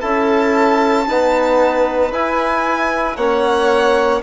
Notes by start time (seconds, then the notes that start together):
0.00 C#4 E4 A4 A5
1.07 B3 D#4 B4
2.12 E4 G#5
3.16 A#3 C#4 C#5 F#5